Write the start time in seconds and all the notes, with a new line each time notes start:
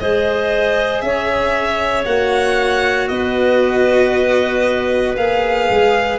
0.00 G#3 G#4 C5 D#5
1.01 C#4 C#5 E5
2.05 A#3 F#4 F#5
3.08 B3 B4 D#5
5.17 A#3 G#4 F5
5.70 G#3